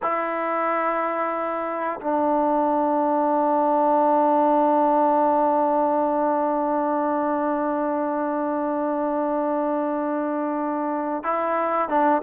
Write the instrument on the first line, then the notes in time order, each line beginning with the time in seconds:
trombone
0.02 E4
2.00 D4
11.23 E4
11.88 D4